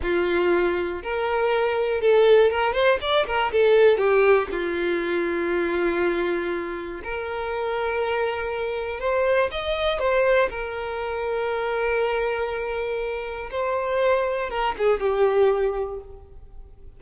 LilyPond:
\new Staff \with { instrumentName = "violin" } { \time 4/4 \tempo 4 = 120 f'2 ais'2 | a'4 ais'8 c''8 d''8 ais'8 a'4 | g'4 f'2.~ | f'2 ais'2~ |
ais'2 c''4 dis''4 | c''4 ais'2.~ | ais'2. c''4~ | c''4 ais'8 gis'8 g'2 | }